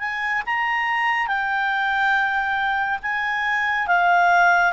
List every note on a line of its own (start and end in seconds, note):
0.00 0.43 G#5
0.46 1.27 A#5
1.27 2.99 G5
3.03 3.88 G#5
3.88 4.73 F5